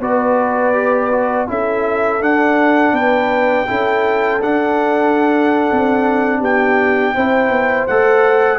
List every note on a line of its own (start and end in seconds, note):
0.00 1.46 B3
0.00 0.73 F#4
0.00 1.47 B4
0.00 1.49 D5
0.73 1.10 G4
1.11 1.47 F#4
1.47 2.20 C#4
1.47 2.20 E4
1.47 2.94 A4
1.47 2.23 E5
2.20 2.92 D4
2.20 3.66 D4
2.20 2.95 F#5
2.92 3.65 B3
2.92 3.68 B4
2.92 4.42 G5
3.68 4.41 C#4
3.68 4.41 E4
3.68 6.40 A4
4.41 5.69 D4
4.41 7.16 D4
4.41 6.43 F#5
5.71 6.41 C4
6.40 7.14 B3
6.40 7.13 G4
6.40 7.87 G5
7.14 7.49 C4
7.14 7.89 E4
7.14 8.59 C5
7.49 7.86 B3
7.87 8.59 A3
7.87 8.59 A4
7.87 8.59 F#5